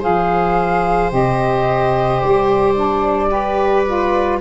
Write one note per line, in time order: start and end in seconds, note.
0.00 1.12 F3
0.00 1.11 G#4
0.00 3.27 C5
0.00 1.12 F5
1.11 2.21 C3
1.11 2.74 G4
1.11 2.21 D#5
2.21 4.41 G3
2.21 4.39 D5
2.75 3.30 D4
3.30 3.84 G4
3.30 4.40 B4
3.86 4.41 F4